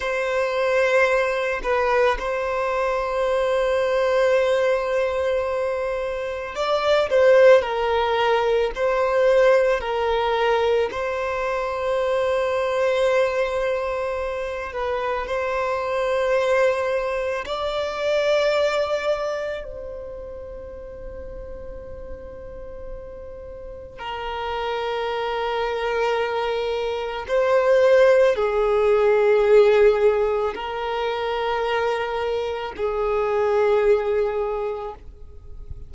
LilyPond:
\new Staff \with { instrumentName = "violin" } { \time 4/4 \tempo 4 = 55 c''4. b'8 c''2~ | c''2 d''8 c''8 ais'4 | c''4 ais'4 c''2~ | c''4. b'8 c''2 |
d''2 c''2~ | c''2 ais'2~ | ais'4 c''4 gis'2 | ais'2 gis'2 | }